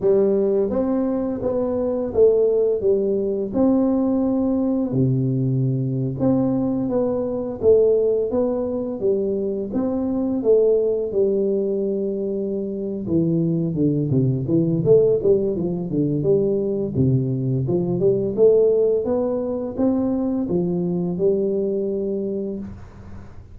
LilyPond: \new Staff \with { instrumentName = "tuba" } { \time 4/4 \tempo 4 = 85 g4 c'4 b4 a4 | g4 c'2 c4~ | c8. c'4 b4 a4 b16~ | b8. g4 c'4 a4 g16~ |
g2~ g8 e4 d8 | c8 e8 a8 g8 f8 d8 g4 | c4 f8 g8 a4 b4 | c'4 f4 g2 | }